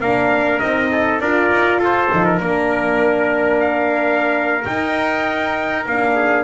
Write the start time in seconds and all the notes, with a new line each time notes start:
0.00 A#3 D4 A#4 F5
0.60 C4 D#4 D#5
0.92 A4
1.21 D4 F4 A#4 D5
1.51 D#4
1.79 F4 A4 C5
2.12 F3 D#4
2.25 A#4
2.39 A#3 D4 A#4
3.60 F5
4.66 D#4 G5
5.86 A#3 D4 F5
6.16 G#4